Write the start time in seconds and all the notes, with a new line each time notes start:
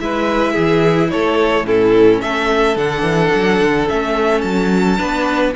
0.00 G#3 E4 B4 E5
0.53 E3 G#4
1.11 A3 A4 C#5
1.63 A2 C#4 E4 A4
2.21 A3 A4 E5
2.76 D3 D4 F#5
3.02 E3
3.35 F#3
3.61 D3
3.88 A3 C#4 E5
4.41 F#3 A5
4.97 B3 D4 B4